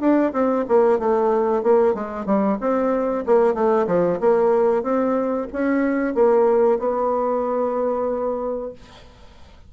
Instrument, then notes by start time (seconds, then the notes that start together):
bassoon
0.00 D4
0.33 C4
0.68 A#3
0.99 A3
1.63 A#3
1.94 G#3
2.26 G3
2.60 C4
3.26 A#3
3.54 A3
3.87 F3
4.20 A#3
4.83 C4
5.52 C#4
6.15 A#3
6.79 B3